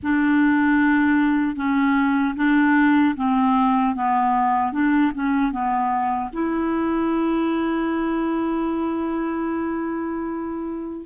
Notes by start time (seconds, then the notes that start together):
0.02 D4
1.56 C#4
2.36 D4
3.16 C4
3.95 B3
4.72 D4
5.14 C#4
5.51 B3
6.32 E4